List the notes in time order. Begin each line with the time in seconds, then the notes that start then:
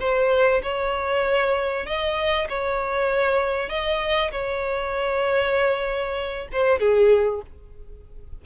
0.00 C5
0.63 C#5
1.86 D#5
2.49 C#5
3.69 D#5
4.31 C#5
6.52 C5
6.80 G#4